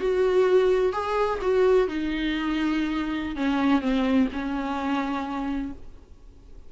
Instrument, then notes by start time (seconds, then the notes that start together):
viola
0.00 F#4
0.93 G#4
1.42 F#4
1.88 D#4
3.36 C#4
3.81 C4
4.33 C#4